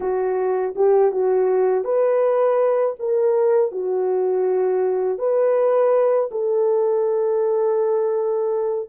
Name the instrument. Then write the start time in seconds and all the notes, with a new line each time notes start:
horn
0.00 F#4
0.75 G4
1.11 F#4
1.84 B4
2.99 A#4
3.71 F#4
5.18 B4
6.31 A4